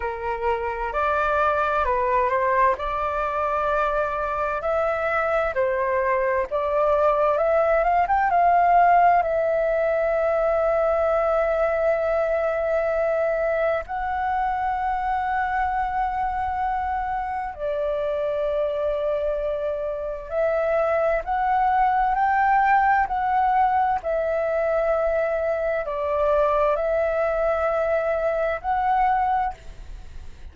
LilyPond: \new Staff \with { instrumentName = "flute" } { \time 4/4 \tempo 4 = 65 ais'4 d''4 b'8 c''8 d''4~ | d''4 e''4 c''4 d''4 | e''8 f''16 g''16 f''4 e''2~ | e''2. fis''4~ |
fis''2. d''4~ | d''2 e''4 fis''4 | g''4 fis''4 e''2 | d''4 e''2 fis''4 | }